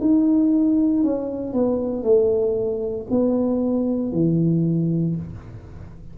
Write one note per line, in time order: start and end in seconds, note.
0.00 1.03 D#4
1.03 1.53 C#4
1.53 2.03 B3
2.03 3.07 A3
3.10 4.12 B3
4.12 5.16 E3